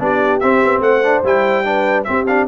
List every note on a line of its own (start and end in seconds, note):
0.00 0.42 B3
0.00 0.41 D4
0.00 0.83 G4
0.00 0.41 D5
0.41 0.64 C4
0.41 1.04 C4
0.41 0.82 E5
0.64 0.80 B3
0.80 1.22 A3
0.80 1.66 C5
0.80 1.24 F#5
1.04 1.24 D4
1.24 2.07 G3
1.24 1.65 E4
1.24 2.04 G5
1.65 2.06 D4
1.65 2.08 B4
2.04 2.27 C4
2.04 2.49 C4
2.04 2.49 G4
2.04 2.25 E5
2.27 2.49 D4
2.27 2.48 F5